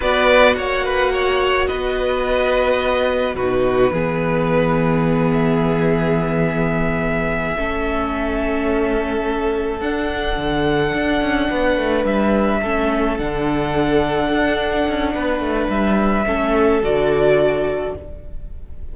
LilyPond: <<
  \new Staff \with { instrumentName = "violin" } { \time 4/4 \tempo 4 = 107 d''4 fis''2 dis''4~ | dis''2 b'2~ | b'4. e''2~ e''8~ | e''1~ |
e''4. fis''2~ fis''8~ | fis''4. e''2 fis''8~ | fis''1 | e''2 d''2 | }
  \new Staff \with { instrumentName = "violin" } { \time 4/4 b'4 cis''8 b'8 cis''4 b'4~ | b'2 fis'4 gis'4~ | gis'1~ | gis'4. a'2~ a'8~ |
a'1~ | a'8 b'2 a'4.~ | a'2. b'4~ | b'4 a'2. | }
  \new Staff \with { instrumentName = "viola" } { \time 4/4 fis'1~ | fis'2 dis'4 b4~ | b1~ | b4. cis'2~ cis'8~ |
cis'4. d'2~ d'8~ | d'2~ d'8 cis'4 d'8~ | d'1~ | d'4 cis'4 fis'2 | }
  \new Staff \with { instrumentName = "cello" } { \time 4/4 b4 ais2 b4~ | b2 b,4 e4~ | e1~ | e4. a2~ a8~ |
a4. d'4 d4 d'8 | cis'8 b8 a8 g4 a4 d8~ | d4. d'4 cis'8 b8 a8 | g4 a4 d2 | }
>>